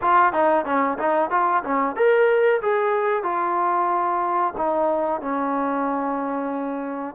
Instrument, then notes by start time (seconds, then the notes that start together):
trombone
0.01 F4
0.32 D#4
0.65 C#4
0.98 D#4
1.30 F4
1.63 C#4
1.96 A#4
2.61 G#4
3.23 F4
4.57 D#4
5.21 C#4